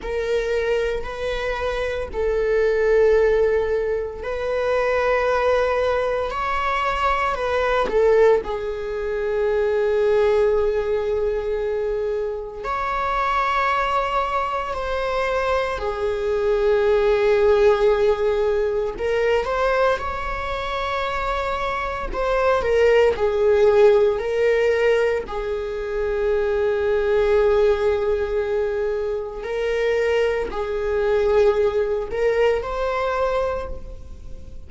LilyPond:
\new Staff \with { instrumentName = "viola" } { \time 4/4 \tempo 4 = 57 ais'4 b'4 a'2 | b'2 cis''4 b'8 a'8 | gis'1 | cis''2 c''4 gis'4~ |
gis'2 ais'8 c''8 cis''4~ | cis''4 c''8 ais'8 gis'4 ais'4 | gis'1 | ais'4 gis'4. ais'8 c''4 | }